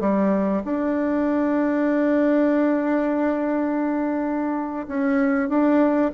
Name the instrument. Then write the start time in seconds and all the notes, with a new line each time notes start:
bassoon
0.00 G3
0.64 D4
4.88 C#4
5.49 D4